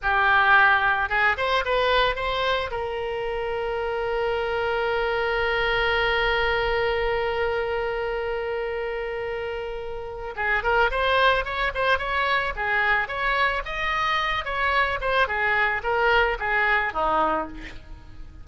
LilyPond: \new Staff \with { instrumentName = "oboe" } { \time 4/4 \tempo 4 = 110 g'2 gis'8 c''8 b'4 | c''4 ais'2.~ | ais'1~ | ais'1~ |
ais'2. gis'8 ais'8 | c''4 cis''8 c''8 cis''4 gis'4 | cis''4 dis''4. cis''4 c''8 | gis'4 ais'4 gis'4 dis'4 | }